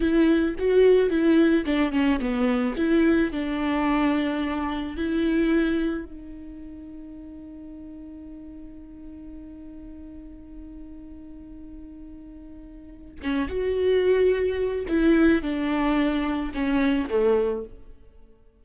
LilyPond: \new Staff \with { instrumentName = "viola" } { \time 4/4 \tempo 4 = 109 e'4 fis'4 e'4 d'8 cis'8 | b4 e'4 d'2~ | d'4 e'2 dis'4~ | dis'1~ |
dis'1~ | dis'1 | cis'8 fis'2~ fis'8 e'4 | d'2 cis'4 a4 | }